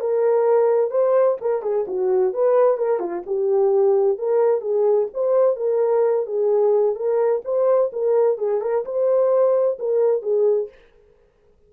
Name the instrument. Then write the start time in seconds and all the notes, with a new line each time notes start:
horn
0.00 A#4
0.90 C5
1.41 A#4
1.62 G#4
1.87 F#4
2.33 B4
2.77 A#4
2.99 F4
3.26 G4
4.18 A#4
4.61 G#4
5.14 C5
5.56 A#4
6.26 G#4
6.95 A#4
7.44 C5
7.92 A#4
8.37 G#4
8.61 A#4
8.85 C5
9.79 A#4
10.22 G#4